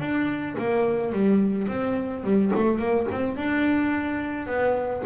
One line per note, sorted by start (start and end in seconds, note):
0.00 0.56 D4
0.58 1.12 A#3
1.12 1.68 G3
1.68 2.24 C4
2.24 2.52 G3
2.55 2.79 A3
2.79 3.07 A#3
3.11 3.36 C4
3.36 4.47 D4
4.47 5.03 B3